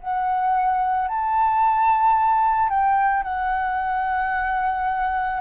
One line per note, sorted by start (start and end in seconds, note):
0.00 1.08 F#5
1.08 2.70 A5
2.70 3.23 G5
3.23 5.40 F#5